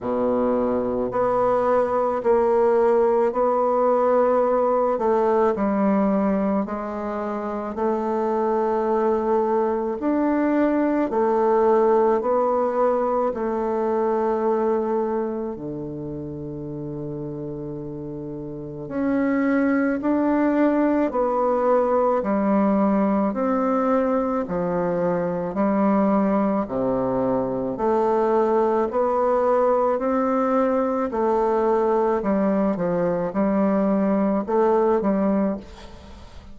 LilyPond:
\new Staff \with { instrumentName = "bassoon" } { \time 4/4 \tempo 4 = 54 b,4 b4 ais4 b4~ | b8 a8 g4 gis4 a4~ | a4 d'4 a4 b4 | a2 d2~ |
d4 cis'4 d'4 b4 | g4 c'4 f4 g4 | c4 a4 b4 c'4 | a4 g8 f8 g4 a8 g8 | }